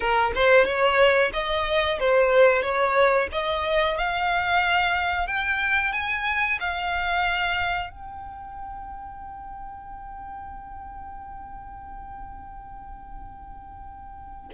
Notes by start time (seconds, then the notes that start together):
0.00 A#4
0.34 C5
0.65 C#5
1.33 D#5
1.99 C5
2.62 C#5
3.31 D#5
3.97 F5
5.27 G5
5.93 G#5
6.60 F5
7.90 G5